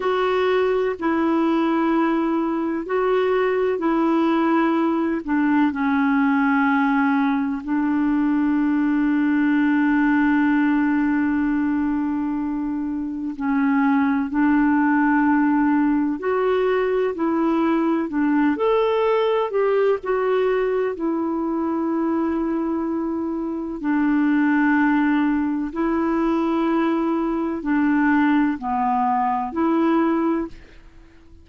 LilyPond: \new Staff \with { instrumentName = "clarinet" } { \time 4/4 \tempo 4 = 63 fis'4 e'2 fis'4 | e'4. d'8 cis'2 | d'1~ | d'2 cis'4 d'4~ |
d'4 fis'4 e'4 d'8 a'8~ | a'8 g'8 fis'4 e'2~ | e'4 d'2 e'4~ | e'4 d'4 b4 e'4 | }